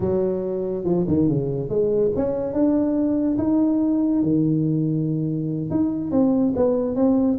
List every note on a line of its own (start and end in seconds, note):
0.00 0.84 F#3
0.84 1.05 F3
1.07 1.28 D#3
1.28 1.69 C#3
1.69 2.11 G#3
2.15 2.53 C#4
2.53 3.37 D4
3.38 4.22 D#4
4.22 5.70 D#3
5.70 6.11 D#4
6.11 6.53 C4
6.56 6.95 B3
6.95 7.38 C4